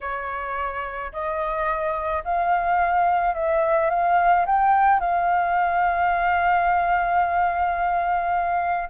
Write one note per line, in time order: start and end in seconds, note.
0.01 1.12 C#5
1.12 2.23 D#5
2.24 3.34 F5
3.34 3.90 E5
3.90 4.45 F5
4.46 5.00 G5
5.00 8.89 F5